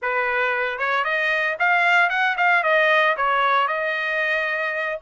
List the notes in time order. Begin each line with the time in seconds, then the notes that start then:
0.01 B4
0.78 C#5
1.04 D#5
1.59 F5
2.09 F#5
2.37 F5
2.63 D#5
3.17 C#5
3.67 D#5